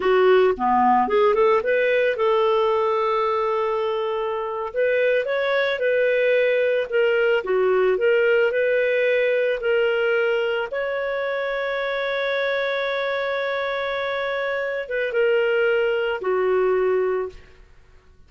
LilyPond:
\new Staff \with { instrumentName = "clarinet" } { \time 4/4 \tempo 4 = 111 fis'4 b4 gis'8 a'8 b'4 | a'1~ | a'8. b'4 cis''4 b'4~ b'16~ | b'8. ais'4 fis'4 ais'4 b'16~ |
b'4.~ b'16 ais'2 cis''16~ | cis''1~ | cis''2.~ cis''8 b'8 | ais'2 fis'2 | }